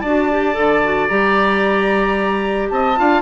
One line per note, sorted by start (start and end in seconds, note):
0.00 0.56 D4
0.00 2.69 D5
0.00 1.07 A5
0.06 0.31 F#4
0.31 0.53 G4
0.53 1.10 D3
0.53 0.80 A4
0.84 1.09 F#4
1.08 2.71 G3
1.08 2.96 G4
1.08 2.69 A#5
2.69 2.98 C4
2.69 2.99 D#5
2.69 3.22 A5
2.96 3.22 D4
2.96 3.22 F4
2.96 3.22 F5